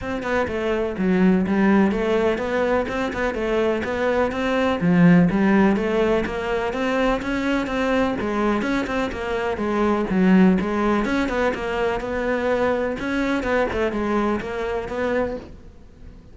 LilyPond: \new Staff \with { instrumentName = "cello" } { \time 4/4 \tempo 4 = 125 c'8 b8 a4 fis4 g4 | a4 b4 c'8 b8 a4 | b4 c'4 f4 g4 | a4 ais4 c'4 cis'4 |
c'4 gis4 cis'8 c'8 ais4 | gis4 fis4 gis4 cis'8 b8 | ais4 b2 cis'4 | b8 a8 gis4 ais4 b4 | }